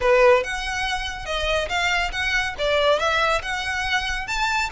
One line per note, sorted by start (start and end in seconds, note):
0.01 0.43 B4
0.43 1.25 F#5
1.25 1.68 D#5
1.68 2.11 F5
2.12 2.54 F#5
2.58 2.99 D5
2.99 3.41 E5
3.42 4.27 F#5
4.27 4.69 A5